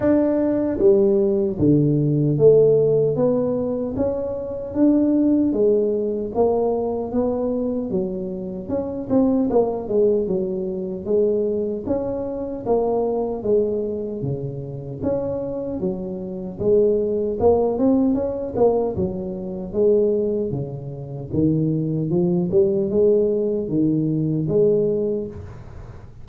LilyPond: \new Staff \with { instrumentName = "tuba" } { \time 4/4 \tempo 4 = 76 d'4 g4 d4 a4 | b4 cis'4 d'4 gis4 | ais4 b4 fis4 cis'8 c'8 | ais8 gis8 fis4 gis4 cis'4 |
ais4 gis4 cis4 cis'4 | fis4 gis4 ais8 c'8 cis'8 ais8 | fis4 gis4 cis4 dis4 | f8 g8 gis4 dis4 gis4 | }